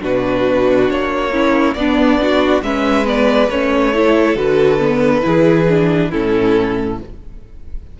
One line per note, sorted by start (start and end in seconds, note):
0.00 0.89 B2
0.00 1.30 D4
0.00 1.32 F#4
0.00 0.90 B4
0.89 1.75 A#3
0.89 1.74 C#5
1.32 1.75 C#4
1.32 1.75 E4
1.74 2.62 B3
1.74 2.20 B3
1.74 2.22 D4
1.74 2.61 D5
2.20 2.63 D4
2.20 2.64 F#4
2.62 3.49 G#3
2.62 3.05 C#4
2.62 3.94 B4
2.62 3.06 E5
3.05 3.49 B3
3.05 3.50 D5
3.49 4.35 A3
3.49 3.93 C#4
3.49 4.37 C#5
3.93 4.37 E4
3.93 5.25 A4
4.35 5.22 D3
4.35 4.79 F#4
4.35 6.11 B4
4.79 5.21 B3
5.21 6.12 E3
5.21 5.65 E4
5.21 6.09 G#4
5.69 6.12 D4
6.09 6.99 A2
6.09 6.99 C#4
6.09 6.96 E4
6.09 6.99 A4